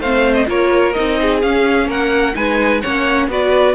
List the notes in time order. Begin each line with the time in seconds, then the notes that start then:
0.00 A3 C4 C5 F5
0.35 D#5
0.47 A#3 F4 A#4 C#5
0.93 C4 D#4 D#5
1.21 G#4
1.42 C#4 F5
1.88 A#3 A#4 F#5
2.34 G#3 D#4 B4 G#5
2.81 A#3 C#4 C#5 F#5
3.28 B3 F#4 B4 D5